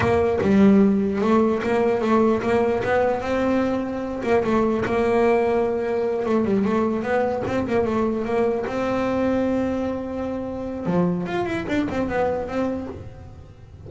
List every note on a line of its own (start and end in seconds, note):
0.00 0.39 A#3
0.41 1.21 G3
1.21 1.61 A3
1.63 2.01 A#3
2.01 2.41 A3
2.42 2.82 A#3
2.83 3.21 B3
3.21 4.22 C4
4.23 4.43 A#3
4.44 4.84 A3
4.85 6.25 A#3
6.25 6.44 A3
6.44 6.64 G3
6.64 7.02 A3
7.02 7.43 B3
7.46 7.67 C4
7.67 7.85 A#3
7.85 8.25 A3
8.25 8.65 A#3
8.66 10.86 C4
10.86 11.26 F3
11.26 11.45 F4
11.45 11.66 E4
11.68 11.88 D4
11.90 12.08 C4
12.08 12.47 B3
12.47 12.88 C4